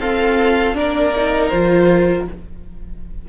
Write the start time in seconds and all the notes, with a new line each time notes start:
0.00 C4 F4 A4 F5
0.74 A#3 D4 A#4 D5
1.16 D#4
1.49 F3 F4 C5